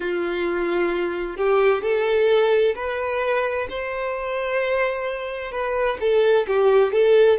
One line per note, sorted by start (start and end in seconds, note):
0.00 1.36 F4
1.36 1.82 G4
1.82 2.74 A4
2.75 3.67 B4
3.69 5.51 C5
5.51 5.97 B4
6.00 6.46 A4
6.47 6.92 G4
6.92 7.38 A4